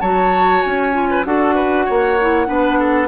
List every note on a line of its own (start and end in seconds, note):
0.00 0.63 F#3
0.00 0.93 F#4
0.00 1.09 C#5
0.00 0.62 A5
0.62 1.25 C#4
0.62 1.24 G#5
0.93 1.24 F4
1.10 1.26 B4
1.25 1.87 D4
1.25 2.18 F#4
1.25 1.55 A4
1.25 3.08 F#5
1.55 1.85 B4
1.85 2.48 A#3
1.85 2.47 C#5
2.21 2.46 E4
2.46 3.08 B3
2.46 3.08 D4
2.46 2.79 B4
2.79 3.08 A4